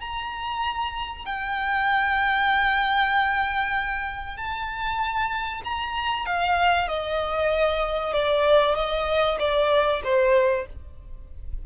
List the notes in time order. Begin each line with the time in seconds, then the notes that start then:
0.00 A#5
1.25 G5
4.36 A5
5.64 A#5
6.26 F5
6.88 D#5
8.13 D5
8.75 D#5
9.39 D5
10.03 C5